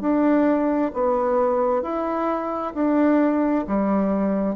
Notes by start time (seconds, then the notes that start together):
0.00 D4
0.93 B3
1.82 E4
2.74 D4
3.67 G3